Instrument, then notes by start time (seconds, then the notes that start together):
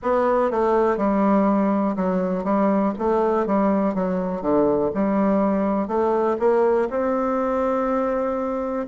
bassoon
0.02 B3
0.51 A3
0.97 G3
1.95 F#3
2.44 G3
2.98 A3
3.46 G3
3.94 F#3
4.41 D3
4.94 G3
5.87 A3
6.39 A#3
6.90 C4